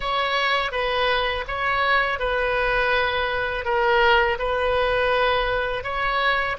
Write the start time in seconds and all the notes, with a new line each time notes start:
0.00 C#5
0.71 B4
1.47 C#5
2.19 B4
3.65 A#4
4.38 B4
5.83 C#5